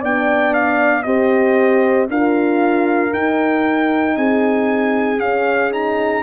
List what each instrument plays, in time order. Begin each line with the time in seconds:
0.00 tuba B3, horn D4 D5, trumpet G5
0.54 trumpet F5
1.02 tuba C4, horn G4 C5, trumpet D#5
2.08 tuba D4, horn F4 A#4, trumpet F5
3.11 horn D#4, tuba D#4, trumpet G5
4.16 tuba C4, horn G#4, trumpet G#5
5.19 tuba C#4, horn C#4, trumpet F5
5.71 horn D#4, trumpet A#5